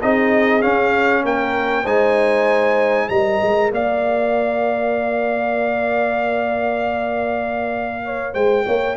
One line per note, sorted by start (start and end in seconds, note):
0.00 0.64 C4
0.00 0.61 D#4
0.00 1.23 G#4
0.00 0.62 D#5
0.61 1.85 C#4
0.61 1.24 C#4
0.61 1.23 F5
1.23 1.85 A#3
1.23 1.84 A#4
1.23 1.86 G5
1.84 3.09 G#3
1.84 3.10 D#4
1.84 3.07 C5
1.84 3.09 G#5
3.09 3.41 G3
3.09 8.97 A#4
3.09 3.70 D#5
3.09 3.70 A#5
3.42 3.71 G#3
3.71 8.34 A#3
3.71 8.05 D5
3.71 8.34 F5
8.05 8.33 C#5
8.33 8.65 G#3
8.33 8.64 C5
8.33 8.96 G5
8.66 8.97 A#3
8.66 8.97 C#5